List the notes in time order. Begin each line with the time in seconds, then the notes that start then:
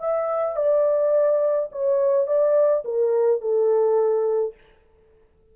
0.00 E5
0.56 D5
1.72 C#5
2.27 D5
2.85 A#4
3.41 A4